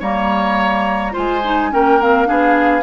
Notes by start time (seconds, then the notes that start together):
0.00 G3 A#3 C#5 A#5
1.12 G#3 F4 C5 G#5
1.44 D#4
1.71 A#3 C#4 A#4 G5
2.02 C4 F5
2.26 B3 D4 G#4